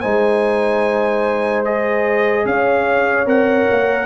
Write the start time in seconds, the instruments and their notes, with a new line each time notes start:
0.00 tuba G#3, trombone D#4, horn C5, trumpet G#5
1.64 trombone G#4, trumpet D#5
2.45 tuba C#4, horn C#5, trumpet F5
3.26 tuba C4, trombone A#4, trumpet F#5
3.71 tuba A#3